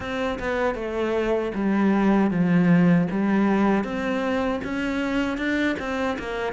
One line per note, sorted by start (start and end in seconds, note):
0.00 0.38 C4
0.39 0.74 B3
0.74 1.51 A3
1.54 2.30 G3
2.30 3.07 F3
3.10 3.84 G3
3.84 4.60 C4
4.64 5.37 C#4
5.37 5.76 D4
5.79 6.17 C4
6.19 6.52 A#3